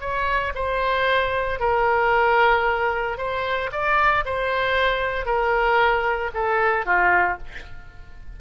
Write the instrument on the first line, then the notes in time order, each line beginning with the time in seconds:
oboe
0.00 C#5
0.54 C5
1.59 A#4
3.17 C5
3.72 D5
4.25 C5
5.25 A#4
6.34 A4
6.85 F4